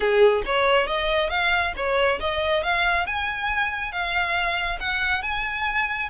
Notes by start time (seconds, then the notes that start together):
0.00 G#4
0.45 C#5
0.86 D#5
1.29 F5
1.76 C#5
2.20 D#5
2.63 F5
3.06 G#5
3.92 F5
4.79 F#5
5.22 G#5